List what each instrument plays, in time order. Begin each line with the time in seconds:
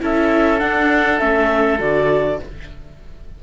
0.00 cello C#4, viola E4, oboe A4, clarinet E5
0.59 viola D4, cello D4, clarinet F#5
1.19 cello A3, viola C#4, clarinet E5
1.79 cello D3, viola F#4, clarinet D5